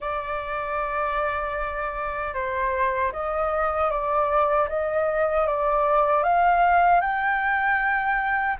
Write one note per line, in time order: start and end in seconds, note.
0.00 2.34 D5
2.34 3.12 C5
3.12 3.90 D#5
3.90 4.68 D5
4.69 5.47 D#5
5.47 6.23 D5
6.23 7.01 F5
7.01 8.56 G5